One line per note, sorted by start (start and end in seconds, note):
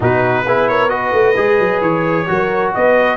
0.00 0.44 B2
0.00 0.45 D#4
0.00 0.45 F#4
0.00 0.68 B4
0.44 1.12 B3
0.44 0.88 E4
0.44 0.69 G#4
0.68 0.91 A#4
0.68 0.89 C#5
0.88 1.34 F#4
0.88 2.27 B4
0.88 1.80 D#5
1.12 1.35 A3
1.36 1.59 G#3
1.36 2.27 G#4
1.59 1.81 F#3
1.81 2.26 E3
1.81 2.72 C#5
2.27 2.75 F#3
2.27 3.16 F#4
2.27 2.74 A#4
2.74 3.16 B3
2.74 3.16 B4
2.74 3.16 D#5